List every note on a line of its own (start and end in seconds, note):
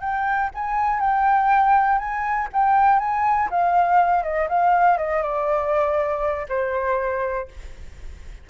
0.00 0.50 G5
0.54 1.00 G#5
1.00 1.98 G5
1.98 2.48 G#5
2.53 2.99 G5
2.99 3.49 G#5
3.50 4.23 F5
4.23 4.48 D#5
4.49 4.97 F5
4.97 5.22 D#5
5.22 6.46 D5
6.48 7.48 C5